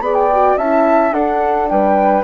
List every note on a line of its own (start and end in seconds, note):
0.00 0.56 B3
0.00 0.31 G#4
0.00 0.58 D5
0.00 0.15 B5
0.15 0.57 G5
0.33 0.61 F#4
0.57 1.12 C#4
0.57 1.12 E4
0.57 1.14 E5
0.57 1.12 A5
1.12 1.69 D4
1.12 2.25 D4
1.12 1.70 A4
1.12 1.68 F#5
1.69 2.25 G3
1.69 2.25 B4
1.69 2.25 G5